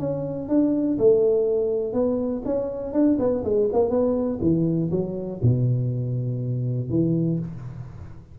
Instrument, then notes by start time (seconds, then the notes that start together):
tuba
0.00 C#4
0.49 D4
0.99 A3
1.93 B3
2.45 C#4
2.94 D4
3.19 B3
3.44 G#3
3.73 A#3
3.91 B3
4.42 E3
4.91 F#3
5.43 B2
6.90 E3